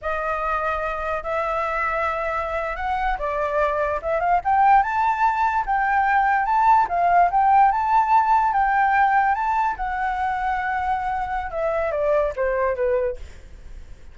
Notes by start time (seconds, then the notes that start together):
0.01 D#5
1.23 E5
2.76 F#5
3.18 D5
4.02 E5
4.20 F5
4.44 G5
4.82 A5
5.66 G5
6.45 A5
6.89 F5
7.30 G5
7.71 A5
8.52 G5
9.35 A5
9.76 F#5
11.50 E5
11.91 D5
12.35 C5
12.75 B4